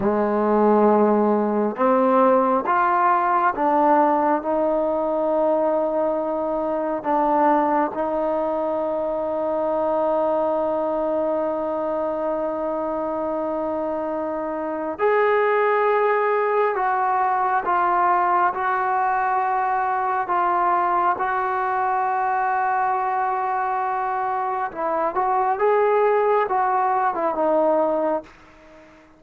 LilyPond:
\new Staff \with { instrumentName = "trombone" } { \time 4/4 \tempo 4 = 68 gis2 c'4 f'4 | d'4 dis'2. | d'4 dis'2.~ | dis'1~ |
dis'4 gis'2 fis'4 | f'4 fis'2 f'4 | fis'1 | e'8 fis'8 gis'4 fis'8. e'16 dis'4 | }